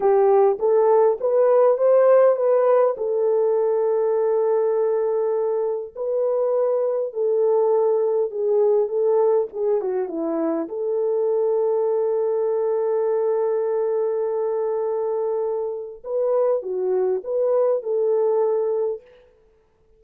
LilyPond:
\new Staff \with { instrumentName = "horn" } { \time 4/4 \tempo 4 = 101 g'4 a'4 b'4 c''4 | b'4 a'2.~ | a'2 b'2 | a'2 gis'4 a'4 |
gis'8 fis'8 e'4 a'2~ | a'1~ | a'2. b'4 | fis'4 b'4 a'2 | }